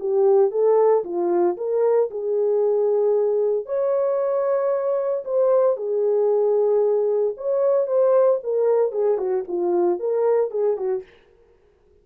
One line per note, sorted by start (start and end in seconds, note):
0.00 0.51 G4
0.51 1.04 A4
1.04 1.57 F4
1.57 2.10 A#4
2.11 3.66 G#4
3.66 5.24 C#5
5.25 5.77 C5
5.77 7.35 G#4
7.37 7.87 C#5
7.87 8.40 C5
8.44 8.92 A#4
8.92 9.18 G#4
9.18 9.44 F#4
9.48 10.00 F4
10.00 10.51 A#4
10.51 10.77 G#4
10.77 11.03 F#4